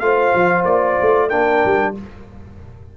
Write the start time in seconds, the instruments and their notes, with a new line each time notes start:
0.00 tuba A3, trombone F4, horn C5, trumpet F5
0.35 tuba F3
0.65 tuba A#3, trumpet D5
1.01 tuba A3
1.29 tuba A#3, trombone D4, horn A#4, trumpet G5
1.65 tuba G3